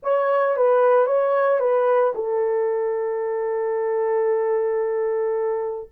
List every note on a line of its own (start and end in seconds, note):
0.03 0.56 C#5
0.56 1.06 B4
1.06 1.59 C#5
1.59 2.13 B4
2.14 5.89 A4